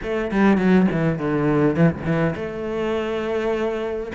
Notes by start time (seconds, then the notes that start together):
0.02 A3
0.31 G3
0.57 F#3
0.91 E3
1.18 D3
1.76 E3
1.91 C#2
2.05 E3
2.35 A3